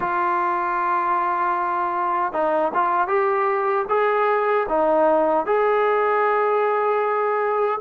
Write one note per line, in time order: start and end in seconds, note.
0.00 2.32 F4
2.32 2.71 D#4
2.73 3.07 F4
3.07 3.85 G4
3.89 4.66 G#4
4.68 5.46 D#4
5.46 7.80 G#4